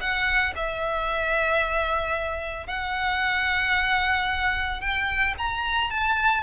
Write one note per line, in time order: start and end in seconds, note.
0.00 0.54 F#5
0.55 2.67 E5
2.67 4.81 F#5
4.81 5.34 G5
5.38 5.91 A#5
5.91 6.43 A5